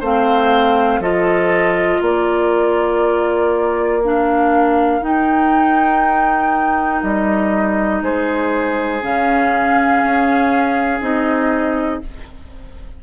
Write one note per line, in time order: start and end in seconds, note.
0.00 0.99 A3
0.00 1.02 C4
0.00 1.00 C5
0.00 1.02 F5
0.99 1.99 F3
0.99 4.02 F4
0.99 2.01 A4
0.99 2.02 D#5
2.01 5.01 A#3
2.01 8.01 A#4
2.01 4.03 D5
4.04 5.01 D4
4.04 5.03 F5
5.01 9.01 D#4
5.01 7.02 D#4
5.01 7.02 G5
7.02 8.01 G3
7.02 8.02 D#5
8.01 9.01 G#3
8.01 12.03 G#4
8.01 9.03 C5
9.01 10.02 C#3
9.01 11.01 C#4
9.01 11.01 F5
10.03 11.00 C#4
11.00 12.00 C4
11.00 12.01 D#4
11.00 12.01 D#5